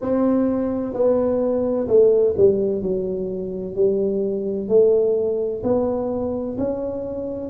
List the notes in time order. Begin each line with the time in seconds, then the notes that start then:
0.01 C4
0.93 B3
1.87 A3
2.37 G3
2.82 F#3
3.75 G3
4.68 A3
5.63 B3
6.58 C#4